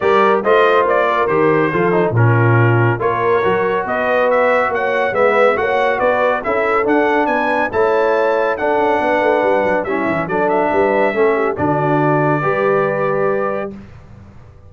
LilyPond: <<
  \new Staff \with { instrumentName = "trumpet" } { \time 4/4 \tempo 4 = 140 d''4 dis''4 d''4 c''4~ | c''4 ais'2 cis''4~ | cis''4 dis''4 e''4 fis''4 | e''4 fis''4 d''4 e''4 |
fis''4 gis''4 a''2 | fis''2. e''4 | d''8 e''2~ e''8 d''4~ | d''1 | }
  \new Staff \with { instrumentName = "horn" } { \time 4/4 ais'4 c''4. ais'4. | a'4 f'2 ais'4~ | ais'4 b'2 cis''4 | b'4 cis''4 b'4 a'4~ |
a'4 b'4 cis''2 | a'4 b'2 e'4 | a'4 b'4 a'8 g'8 fis'4~ | fis'4 b'2. | }
  \new Staff \with { instrumentName = "trombone" } { \time 4/4 g'4 f'2 g'4 | f'8 dis'8 cis'2 f'4 | fis'1 | b4 fis'2 e'4 |
d'2 e'2 | d'2. cis'4 | d'2 cis'4 d'4~ | d'4 g'2. | }
  \new Staff \with { instrumentName = "tuba" } { \time 4/4 g4 a4 ais4 dis4 | f4 ais,2 ais4 | fis4 b2 ais4 | gis4 ais4 b4 cis'4 |
d'4 b4 a2 | d'8 cis'8 b8 a8 g8 fis8 g8 e8 | fis4 g4 a4 d4~ | d4 g2. | }
>>